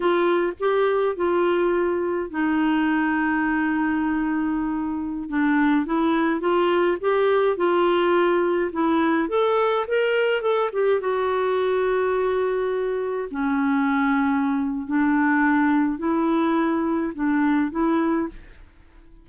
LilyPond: \new Staff \with { instrumentName = "clarinet" } { \time 4/4 \tempo 4 = 105 f'4 g'4 f'2 | dis'1~ | dis'4~ dis'16 d'4 e'4 f'8.~ | f'16 g'4 f'2 e'8.~ |
e'16 a'4 ais'4 a'8 g'8 fis'8.~ | fis'2.~ fis'16 cis'8.~ | cis'2 d'2 | e'2 d'4 e'4 | }